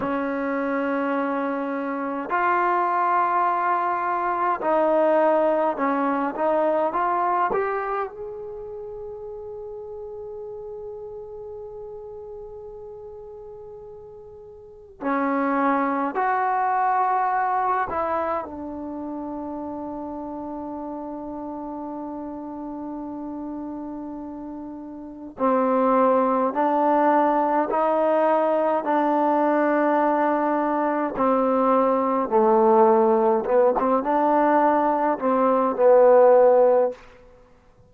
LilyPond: \new Staff \with { instrumentName = "trombone" } { \time 4/4 \tempo 4 = 52 cis'2 f'2 | dis'4 cis'8 dis'8 f'8 g'8 gis'4~ | gis'1~ | gis'4 cis'4 fis'4. e'8 |
d'1~ | d'2 c'4 d'4 | dis'4 d'2 c'4 | a4 b16 c'16 d'4 c'8 b4 | }